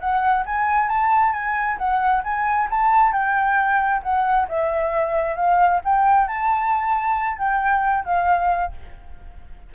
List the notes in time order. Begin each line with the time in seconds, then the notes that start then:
0.00 F#5
0.46 G#5
0.89 A5
1.33 G#5
1.78 F#5
2.24 G#5
2.70 A5
3.12 G5
4.03 F#5
4.48 E5
5.36 F5
5.85 G5
6.28 A5
7.38 G5
8.05 F5